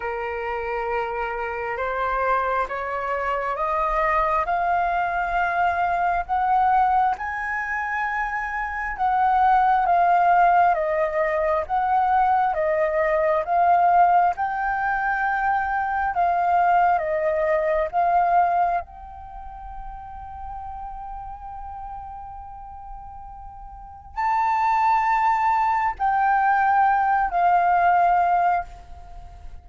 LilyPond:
\new Staff \with { instrumentName = "flute" } { \time 4/4 \tempo 4 = 67 ais'2 c''4 cis''4 | dis''4 f''2 fis''4 | gis''2 fis''4 f''4 | dis''4 fis''4 dis''4 f''4 |
g''2 f''4 dis''4 | f''4 g''2.~ | g''2. a''4~ | a''4 g''4. f''4. | }